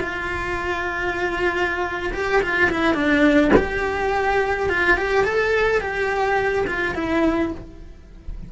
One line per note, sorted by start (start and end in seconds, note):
0.00 2.12 F4
2.13 2.41 G4
2.42 2.70 F4
2.70 2.94 E4
2.94 3.51 D4
3.56 4.69 G4
4.69 4.97 F4
4.97 5.24 G4
5.24 5.81 A4
5.81 6.66 G4
6.67 6.95 F4
6.95 7.52 E4